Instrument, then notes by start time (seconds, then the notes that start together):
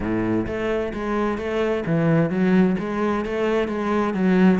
cello
0.00 A2
0.46 A3
0.93 G#3
1.38 A3
1.86 E3
2.30 F#3
2.79 G#3
3.25 A3
3.67 G#3
4.14 F#3